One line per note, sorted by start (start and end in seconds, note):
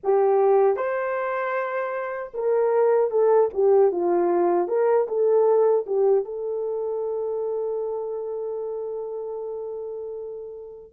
0.03 0.76 G4
0.76 2.32 C5
2.34 3.10 A#4
3.10 3.49 A4
3.53 3.91 G4
3.91 4.68 F4
4.68 5.06 A#4
5.08 5.85 A4
5.86 6.24 G4
6.24 10.92 A4